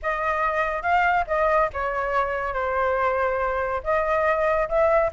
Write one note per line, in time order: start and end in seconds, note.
0.02 0.82 D#5
0.82 1.25 F5
1.27 1.69 D#5
1.73 2.53 C#5
2.53 3.81 C5
3.83 4.68 D#5
4.68 5.11 E5